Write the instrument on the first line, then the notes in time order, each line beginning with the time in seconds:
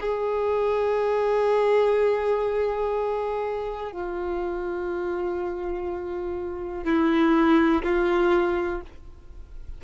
violin
0.00 G#4
3.92 F4
6.84 E4
7.82 F4